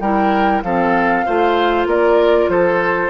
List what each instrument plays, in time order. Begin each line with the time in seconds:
0.00 bassoon G3, clarinet E4, oboe A#4, flute G5
0.63 bassoon F3, clarinet C4, oboe A4, flute F5
1.26 bassoon A3, clarinet F4, oboe C5
1.86 bassoon A#3, oboe A#4, flute D5
2.48 bassoon F3, oboe A4, flute C5